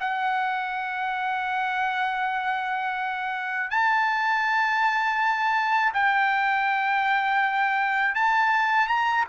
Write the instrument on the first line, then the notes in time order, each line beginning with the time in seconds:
trumpet
0.00 F#5
3.70 A5
5.94 G5
8.15 A5
8.88 A#5